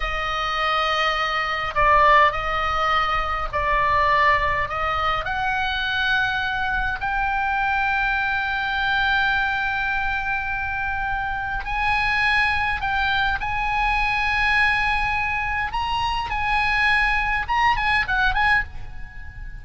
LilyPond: \new Staff \with { instrumentName = "oboe" } { \time 4/4 \tempo 4 = 103 dis''2. d''4 | dis''2 d''2 | dis''4 fis''2. | g''1~ |
g''1 | gis''2 g''4 gis''4~ | gis''2. ais''4 | gis''2 ais''8 gis''8 fis''8 gis''8 | }